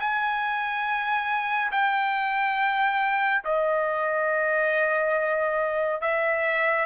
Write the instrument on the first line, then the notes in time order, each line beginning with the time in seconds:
trumpet
0.00 G#5
1.71 G5
3.44 D#5
6.01 E5